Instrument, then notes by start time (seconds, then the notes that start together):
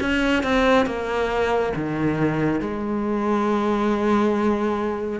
cello
0.00 C#4
0.43 C4
0.85 A#3
1.75 D#3
2.60 G#3